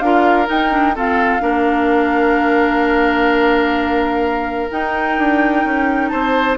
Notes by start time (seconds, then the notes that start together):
0.00 D4 F4 A#4 F5
0.46 D#4 G5
0.70 D4
0.95 C4 F4 A4 F5
1.40 A#3 D4 A#4
4.71 D#4 G5
5.18 D4
5.64 C#4
6.08 C4 C5 A5